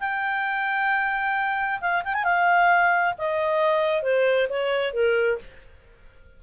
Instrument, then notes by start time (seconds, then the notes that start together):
clarinet
0.00 G5
1.81 F5
2.05 G5
2.14 G#5
2.24 F5
3.18 D#5
4.03 C5
4.49 C#5
4.94 A#4